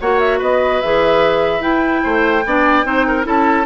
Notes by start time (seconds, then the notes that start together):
0.00 A#3 F#4 C#5 F#5
0.19 E5
0.38 B3 B4 D#5
0.80 E3 G#4 E5
1.59 E4 G5
2.03 A3 C5
2.45 B3 D4 D5
2.84 C4 D#4 C5
3.07 A#4
3.23 C#4 E4 A4 A5